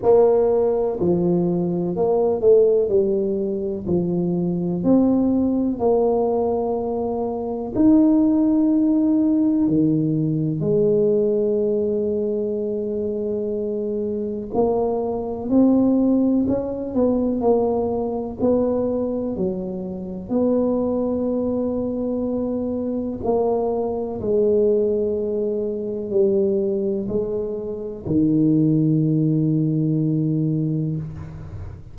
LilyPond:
\new Staff \with { instrumentName = "tuba" } { \time 4/4 \tempo 4 = 62 ais4 f4 ais8 a8 g4 | f4 c'4 ais2 | dis'2 dis4 gis4~ | gis2. ais4 |
c'4 cis'8 b8 ais4 b4 | fis4 b2. | ais4 gis2 g4 | gis4 dis2. | }